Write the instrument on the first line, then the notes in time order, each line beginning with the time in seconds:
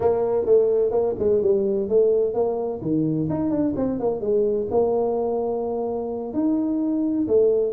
tuba
0.00 A#3
0.45 A3
0.91 A#3
1.18 G#3
1.42 G3
1.89 A3
2.34 A#3
2.81 D#3
3.29 D#4
3.50 D4
3.76 C4
3.99 A#3
4.20 G#3
4.70 A#3
6.33 D#4
7.27 A3